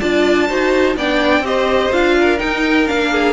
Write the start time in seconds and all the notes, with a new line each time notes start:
0.00 D4 F4 D5 A5
0.49 D#4 F#4 C5
0.96 B3 D4 D5 G5
1.40 C4 G4 C5
1.46 D#5
1.92 D4 F4 F5
2.20 A#4
2.38 D#4 G5
2.87 A#3 D4 F5
3.13 G#4